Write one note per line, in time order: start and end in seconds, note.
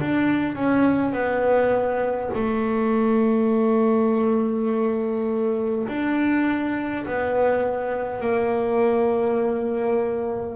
0.00 0.55 D4
0.55 1.12 C#4
1.12 2.30 B3
2.34 5.87 A3
5.88 7.05 D4
7.06 8.20 B3
8.20 10.56 A#3